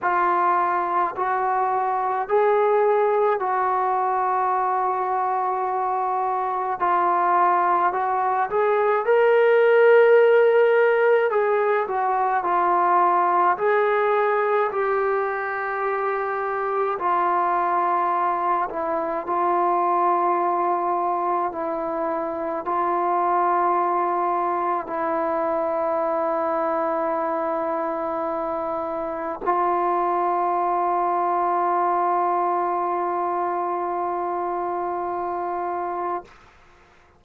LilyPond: \new Staff \with { instrumentName = "trombone" } { \time 4/4 \tempo 4 = 53 f'4 fis'4 gis'4 fis'4~ | fis'2 f'4 fis'8 gis'8 | ais'2 gis'8 fis'8 f'4 | gis'4 g'2 f'4~ |
f'8 e'8 f'2 e'4 | f'2 e'2~ | e'2 f'2~ | f'1 | }